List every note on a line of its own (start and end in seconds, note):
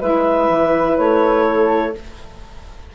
0.00 0.49 G#3
0.00 1.94 E4
0.00 1.45 B4
0.00 0.97 E5
0.49 0.97 E3
0.97 1.95 A3
0.97 1.94 C#5
1.46 1.95 A4